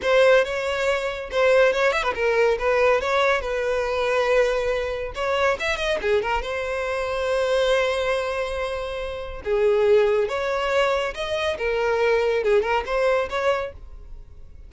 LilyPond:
\new Staff \with { instrumentName = "violin" } { \time 4/4 \tempo 4 = 140 c''4 cis''2 c''4 | cis''8 e''16 b'16 ais'4 b'4 cis''4 | b'1 | cis''4 e''8 dis''8 gis'8 ais'8 c''4~ |
c''1~ | c''2 gis'2 | cis''2 dis''4 ais'4~ | ais'4 gis'8 ais'8 c''4 cis''4 | }